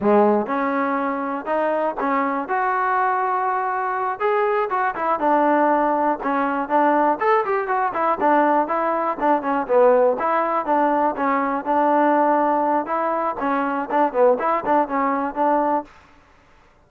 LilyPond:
\new Staff \with { instrumentName = "trombone" } { \time 4/4 \tempo 4 = 121 gis4 cis'2 dis'4 | cis'4 fis'2.~ | fis'8 gis'4 fis'8 e'8 d'4.~ | d'8 cis'4 d'4 a'8 g'8 fis'8 |
e'8 d'4 e'4 d'8 cis'8 b8~ | b8 e'4 d'4 cis'4 d'8~ | d'2 e'4 cis'4 | d'8 b8 e'8 d'8 cis'4 d'4 | }